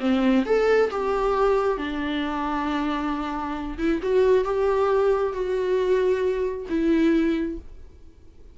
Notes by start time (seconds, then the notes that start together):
0.00 C4
0.45 A4
0.91 G4
1.78 D4
3.78 E4
4.02 F#4
4.44 G4
5.33 F#4
6.69 E4